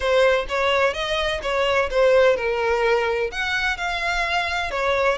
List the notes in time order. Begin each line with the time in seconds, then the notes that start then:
0.00 C5
0.48 C#5
0.93 D#5
1.42 C#5
1.90 C5
2.36 A#4
3.31 F#5
3.77 F5
4.70 C#5